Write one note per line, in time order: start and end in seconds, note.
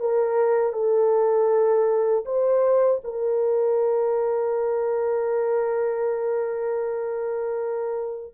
0.00 0.73 A#4
0.73 2.25 A4
2.25 3.01 C5
3.04 8.34 A#4